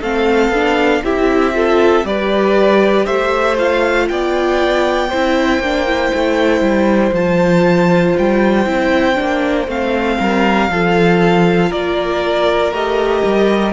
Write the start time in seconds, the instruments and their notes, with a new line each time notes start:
0.00 cello A3, viola C4, violin A4 F5
0.49 cello B3, viola D4
1.03 cello C4, viola E4, violin G4 E5
1.54 viola F4, violin A4
2.04 cello G3, viola G4, violin B4 D5
3.05 cello A3, violin C5 E5
3.57 viola F4, violin F5
4.08 cello B3, violin D5 G5
5.09 cello C4, viola E4, violin C5
5.58 cello A#3, viola D4
5.86 viola E4
6.14 cello A3
6.60 cello G3
7.12 cello F3, viola F4, violin A5
8.18 cello G3, violin G5
8.65 cello C4, viola E4
9.15 cello A#3, viola D4
9.67 cello A3, viola C4, violin F5
10.19 cello G3, violin A#4
10.69 cello F3, viola F4, violin A4
11.69 cello A#3, violin A#4 D5
12.71 cello A3, viola G4, violin D#5
13.24 cello G3